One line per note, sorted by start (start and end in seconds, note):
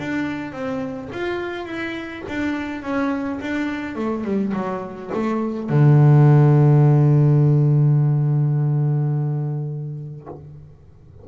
0.00 0.52 D4
0.52 1.10 C4
1.13 1.66 F4
1.66 2.23 E4
2.29 2.83 D4
2.83 3.40 C#4
3.41 3.96 D4
3.96 4.25 A3
4.25 4.53 G3
4.54 5.11 F#3
5.14 5.70 A3
5.70 10.27 D3